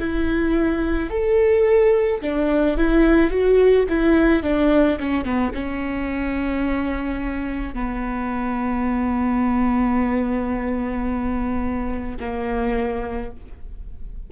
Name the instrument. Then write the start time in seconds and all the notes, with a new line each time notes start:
viola
0.00 E4
1.11 A4
2.22 D4
2.78 E4
3.31 F#4
3.89 E4
4.43 D4
5.00 C#4
5.25 B3
5.55 C#4
7.74 B3
12.20 A#3